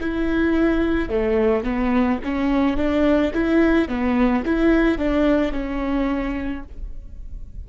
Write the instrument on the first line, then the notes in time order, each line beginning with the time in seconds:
viola
0.00 E4
1.09 A3
1.63 B3
2.24 C#4
2.76 D4
3.33 E4
3.88 B3
4.45 E4
4.97 D4
5.52 C#4